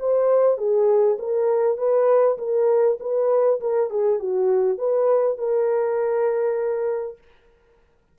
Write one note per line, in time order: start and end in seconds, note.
0.00 0.58 C5
0.58 1.18 G#4
1.19 1.78 A#4
1.78 2.38 B4
2.38 2.98 A#4
3.00 3.60 B4
3.61 3.90 A#4
3.90 4.19 G#4
4.19 4.78 F#4
4.78 5.38 B4
5.38 7.18 A#4